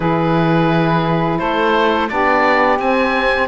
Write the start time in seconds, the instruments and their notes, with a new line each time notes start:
0.00 cello E3, saxophone E4 G#4, oboe B4
1.39 cello A3, saxophone A4, oboe C5
2.08 cello B3, saxophone D4 G4, oboe D5
2.78 cello C4, saxophone C4, oboe G#5